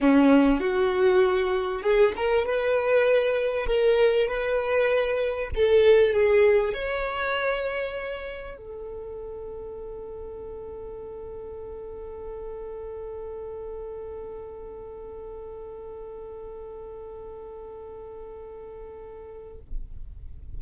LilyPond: \new Staff \with { instrumentName = "violin" } { \time 4/4 \tempo 4 = 98 cis'4 fis'2 gis'8 ais'8 | b'2 ais'4 b'4~ | b'4 a'4 gis'4 cis''4~ | cis''2 a'2~ |
a'1~ | a'1~ | a'1~ | a'1 | }